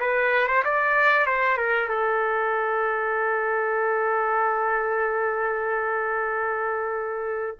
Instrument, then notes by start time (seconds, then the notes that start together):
trumpet
0.00 B4
0.47 C5
0.64 D5
1.26 C5
1.57 A#4
1.88 A4